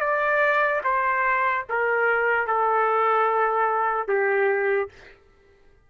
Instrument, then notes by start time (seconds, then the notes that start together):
trumpet
0.00 D5
0.84 C5
1.69 A#4
2.47 A4
4.08 G4